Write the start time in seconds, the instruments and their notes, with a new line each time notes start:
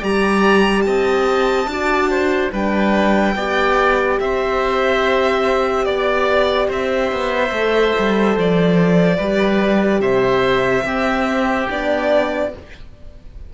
0.00 cello G3, horn G4, oboe D5, violin A#5
0.82 cello C4, oboe D#5, violin A5
1.66 cello D4, horn F#4, oboe D5
2.10 oboe C5
2.52 cello G3, horn D4, oboe B4, violin G5
3.35 cello B3, horn G4, oboe D5
4.20 cello C4, oboe C5, violin E5
5.85 cello B3, violin D5, oboe D5
6.68 cello C4, oboe C5, violin E5
7.12 cello B3
7.50 cello A3, horn A4
7.99 cello G3
8.37 cello F3, violin D5
9.17 cello G3, horn G4, oboe B4
10.00 cello C3, oboe C5, violin E5
10.84 cello C4, horn C4, oboe G4
11.70 cello B3, horn D4, violin D5